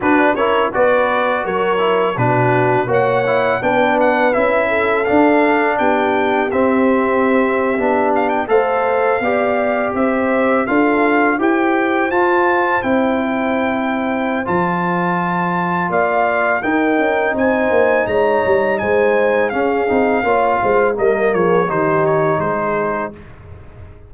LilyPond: <<
  \new Staff \with { instrumentName = "trumpet" } { \time 4/4 \tempo 4 = 83 b'8 cis''8 d''4 cis''4 b'4 | fis''4 g''8 fis''8 e''4 f''4 | g''4 e''2~ e''16 f''16 g''16 f''16~ | f''4.~ f''16 e''4 f''4 g''16~ |
g''8. a''4 g''2~ g''16 | a''2 f''4 g''4 | gis''4 ais''4 gis''4 f''4~ | f''4 dis''8 cis''8 c''8 cis''8 c''4 | }
  \new Staff \with { instrumentName = "horn" } { \time 4/4 fis'8 ais'8 b'4 ais'4 fis'4 | cis''4 b'4. a'4. | g'2.~ g'8. c''16~ | c''8. d''4 c''4 a'4 c''16~ |
c''1~ | c''2 d''4 ais'4 | c''4 cis''4 c''4 gis'4 | cis''8 c''8 ais'8 gis'8 g'4 gis'4 | }
  \new Staff \with { instrumentName = "trombone" } { \time 4/4 d'8 e'8 fis'4. e'8 d'4 | fis'8 e'8 d'4 e'4 d'4~ | d'4 c'4.~ c'16 d'4 a'16~ | a'8. g'2 f'4 g'16~ |
g'8. f'4 e'2~ e'16 | f'2. dis'4~ | dis'2. cis'8 dis'8 | f'4 ais4 dis'2 | }
  \new Staff \with { instrumentName = "tuba" } { \time 4/4 d'8 cis'8 b4 fis4 b,4 | ais4 b4 cis'4 d'4 | b4 c'4.~ c'16 b4 a16~ | a8. b4 c'4 d'4 e'16~ |
e'8. f'4 c'2~ c'16 | f2 ais4 dis'8 cis'8 | c'8 ais8 gis8 g8 gis4 cis'8 c'8 | ais8 gis8 g8 f8 dis4 gis4 | }
>>